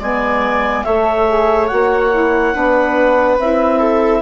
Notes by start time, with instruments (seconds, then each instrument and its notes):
0.00 bassoon G#3, saxophone B3, viola D5, clarinet G#5
0.84 bassoon A3, saxophone A4, viola C#5, clarinet E5
1.27 saxophone G#4
1.68 bassoon A#3, saxophone F#4, clarinet F#5
2.11 saxophone E4
2.53 bassoon B3, saxophone D4, viola B4
3.39 bassoon C4, saxophone E4, clarinet E5
3.80 viola A4